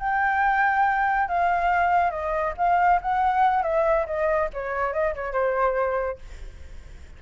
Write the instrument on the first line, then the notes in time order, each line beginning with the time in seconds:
flute
0.00 G5
1.29 F5
2.11 D#5
2.58 F5
3.02 F#5
3.63 E5
4.07 D#5
4.54 C#5
4.93 D#5
5.15 C#5
5.33 C5